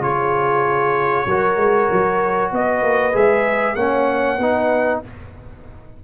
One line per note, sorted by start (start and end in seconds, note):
0.00 1.25 C#3
0.00 1.26 F4
0.00 1.26 G#4
0.00 2.52 C#5
1.26 1.56 F#3
1.26 3.12 F#4
1.26 2.51 A#4
1.56 1.88 G#3
1.91 2.52 F#3
2.51 2.82 B3
2.51 3.76 B4
2.51 3.15 D#5
2.82 3.13 A#3
3.12 3.75 G#3
3.12 3.75 G#4
3.12 3.75 E5
3.75 4.38 A#3
3.75 4.38 C#4
3.75 4.39 C#5
3.75 5.00 F#5
4.38 5.00 B3
4.38 5.04 D#4
4.38 5.01 B4